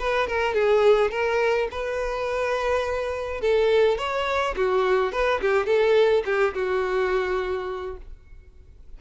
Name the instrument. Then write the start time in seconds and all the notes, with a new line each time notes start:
violin
0.00 B4
0.28 A#4
0.55 G#4
1.11 A#4
1.71 B4
3.41 A4
3.98 C#5
4.57 F#4
5.13 B4
5.41 G4
5.67 A4
6.26 G4
6.55 F#4